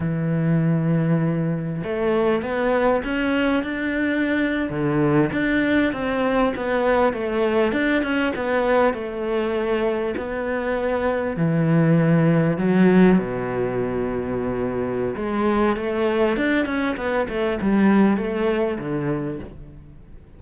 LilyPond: \new Staff \with { instrumentName = "cello" } { \time 4/4 \tempo 4 = 99 e2. a4 | b4 cis'4 d'4.~ d'16 d16~ | d8. d'4 c'4 b4 a16~ | a8. d'8 cis'8 b4 a4~ a16~ |
a8. b2 e4~ e16~ | e8. fis4 b,2~ b,16~ | b,4 gis4 a4 d'8 cis'8 | b8 a8 g4 a4 d4 | }